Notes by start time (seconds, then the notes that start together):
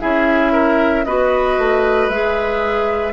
0.00 C#4 E4 G#4 E5
0.52 A#4
1.04 B3 F#4 B4 D#5
1.58 A3
2.09 G#3 G#4 E5